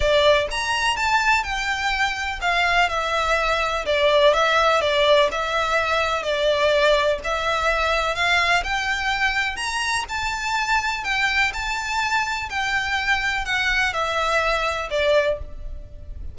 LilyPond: \new Staff \with { instrumentName = "violin" } { \time 4/4 \tempo 4 = 125 d''4 ais''4 a''4 g''4~ | g''4 f''4 e''2 | d''4 e''4 d''4 e''4~ | e''4 d''2 e''4~ |
e''4 f''4 g''2 | ais''4 a''2 g''4 | a''2 g''2 | fis''4 e''2 d''4 | }